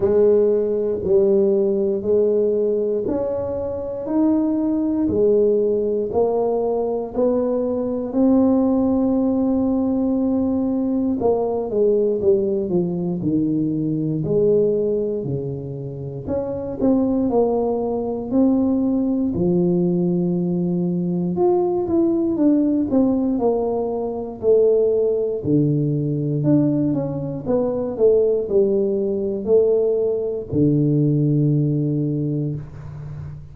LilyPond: \new Staff \with { instrumentName = "tuba" } { \time 4/4 \tempo 4 = 59 gis4 g4 gis4 cis'4 | dis'4 gis4 ais4 b4 | c'2. ais8 gis8 | g8 f8 dis4 gis4 cis4 |
cis'8 c'8 ais4 c'4 f4~ | f4 f'8 e'8 d'8 c'8 ais4 | a4 d4 d'8 cis'8 b8 a8 | g4 a4 d2 | }